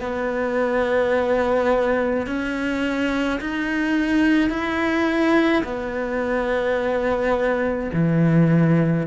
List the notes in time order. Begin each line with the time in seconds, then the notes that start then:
0.00 B3
2.26 C#4
3.41 D#4
4.50 E4
5.63 B3
7.93 E3